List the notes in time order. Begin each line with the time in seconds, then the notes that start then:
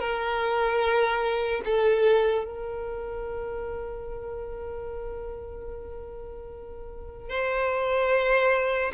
0.00 A#4
1.65 A4
2.45 A#4
7.30 C5